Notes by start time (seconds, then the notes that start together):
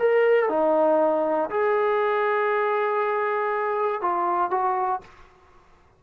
0.00 A#4
0.50 D#4
1.51 G#4
4.02 F4
4.51 F#4